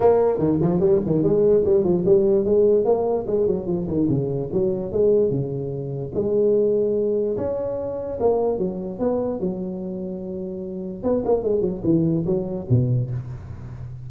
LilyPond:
\new Staff \with { instrumentName = "tuba" } { \time 4/4 \tempo 4 = 147 ais4 dis8 f8 g8 dis8 gis4 | g8 f8 g4 gis4 ais4 | gis8 fis8 f8 dis8 cis4 fis4 | gis4 cis2 gis4~ |
gis2 cis'2 | ais4 fis4 b4 fis4~ | fis2. b8 ais8 | gis8 fis8 e4 fis4 b,4 | }